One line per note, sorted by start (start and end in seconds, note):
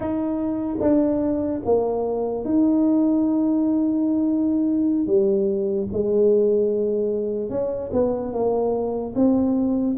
0.00 0.77 D#4
0.80 1.61 D4
1.65 2.44 A#3
2.44 5.06 D#4
5.06 5.87 G3
5.92 7.49 G#3
7.49 7.90 C#4
7.92 8.33 B3
8.33 9.14 A#3
9.15 9.96 C4